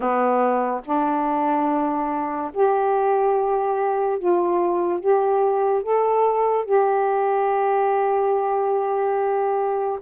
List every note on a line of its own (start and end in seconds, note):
0.00 0.81 B3
0.84 2.51 D4
2.53 4.18 G4
4.18 5.00 F4
5.00 5.82 G4
5.82 6.65 A4
6.65 9.98 G4